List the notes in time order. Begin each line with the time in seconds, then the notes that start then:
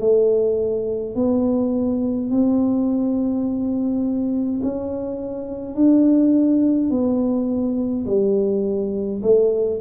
0.00 A3
1.15 B3
2.31 C4
4.63 C#4
5.76 D4
6.91 B3
8.07 G3
9.23 A3